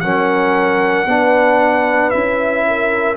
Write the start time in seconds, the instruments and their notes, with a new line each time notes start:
0.00 tuba F#3, trombone C#4, horn A#4, trumpet F#5
1.06 tuba B3, trombone D4, horn B4
2.10 tuba C#4, trombone E4, trumpet E5
2.67 horn A#4